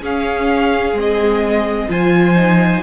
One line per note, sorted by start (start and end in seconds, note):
0.00 0.94 C#4
0.00 0.93 C#4
0.00 1.89 G#4
0.00 0.99 F5
0.93 1.87 G#3
0.93 1.89 C4
1.00 1.91 D#5
1.89 2.83 F3
1.89 2.36 F4
1.89 2.83 C5
1.89 2.83 G#5
2.36 2.83 D#4